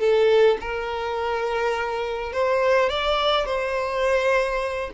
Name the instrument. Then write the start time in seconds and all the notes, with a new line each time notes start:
violin
0.00 A4
0.61 A#4
2.33 C5
2.90 D5
3.46 C5